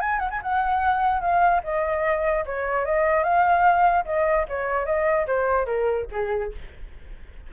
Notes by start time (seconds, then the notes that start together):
0.00 G#5
0.19 F#5
0.31 G#5
0.43 F#5
1.21 F5
1.64 D#5
2.45 C#5
2.85 D#5
3.24 F5
4.05 D#5
4.49 C#5
4.86 D#5
5.27 C5
5.66 A#4
6.12 G#4